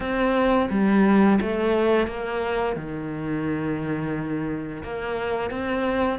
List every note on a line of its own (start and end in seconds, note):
0.00 0.69 C4
0.70 1.39 G3
1.41 2.07 A3
2.07 2.76 A#3
2.76 4.82 D#3
4.83 5.50 A#3
5.50 6.19 C4